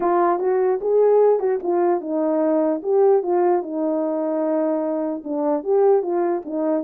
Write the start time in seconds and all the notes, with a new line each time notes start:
0.00 F4
0.39 F#4
0.81 G#4
1.39 F#4
1.62 F4
2.00 D#4
2.82 G4
3.23 F4
3.62 D#4
5.24 D4
5.63 G4
6.02 F4
6.45 D#4